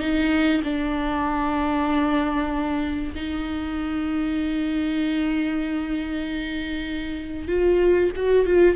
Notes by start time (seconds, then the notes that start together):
0.00 D#4
0.64 D4
3.16 D#4
7.48 F4
8.16 F#4
8.46 F4